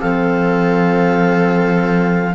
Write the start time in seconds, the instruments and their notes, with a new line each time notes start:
0.00 cello F3, saxophone C4, viola A4, clarinet F5